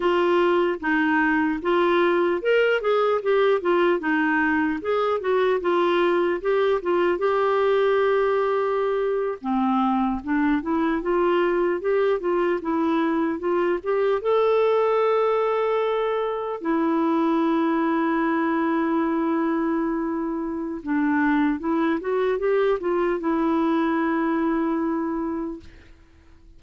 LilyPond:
\new Staff \with { instrumentName = "clarinet" } { \time 4/4 \tempo 4 = 75 f'4 dis'4 f'4 ais'8 gis'8 | g'8 f'8 dis'4 gis'8 fis'8 f'4 | g'8 f'8 g'2~ g'8. c'16~ | c'8. d'8 e'8 f'4 g'8 f'8 e'16~ |
e'8. f'8 g'8 a'2~ a'16~ | a'8. e'2.~ e'16~ | e'2 d'4 e'8 fis'8 | g'8 f'8 e'2. | }